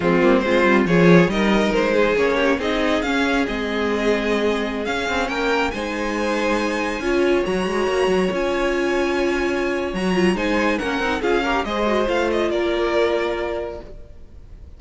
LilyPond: <<
  \new Staff \with { instrumentName = "violin" } { \time 4/4 \tempo 4 = 139 f'4 c''4 cis''4 dis''4 | c''4 cis''4 dis''4 f''4 | dis''2.~ dis''16 f''8.~ | f''16 g''4 gis''2~ gis''8.~ |
gis''4~ gis''16 ais''2 gis''8.~ | gis''2. ais''4 | gis''4 fis''4 f''4 dis''4 | f''8 dis''8 d''2. | }
  \new Staff \with { instrumentName = "violin" } { \time 4/4 c'4 f'4 gis'4 ais'4~ | ais'8 gis'4 g'8 gis'2~ | gis'1~ | gis'16 ais'4 c''2~ c''8.~ |
c''16 cis''2.~ cis''8.~ | cis''1 | c''4 ais'4 gis'8 ais'8 c''4~ | c''4 ais'2. | }
  \new Staff \with { instrumentName = "viola" } { \time 4/4 gis8 ais8 c'4 f'4 dis'4~ | dis'4 cis'4 dis'4 cis'4 | c'2.~ c'16 cis'8.~ | cis'4~ cis'16 dis'2~ dis'8.~ |
dis'16 f'4 fis'2 f'8.~ | f'2. fis'8 f'8 | dis'4 cis'8 dis'8 f'8 g'8 gis'8 fis'8 | f'1 | }
  \new Staff \with { instrumentName = "cello" } { \time 4/4 f8 g8 gis8 g8 f4 g4 | gis4 ais4 c'4 cis'4 | gis2.~ gis16 cis'8 c'16~ | c'16 ais4 gis2~ gis8.~ |
gis16 cis'4 fis8 gis8 ais8 fis8 cis'8.~ | cis'2. fis4 | gis4 ais8 c'8 cis'4 gis4 | a4 ais2. | }
>>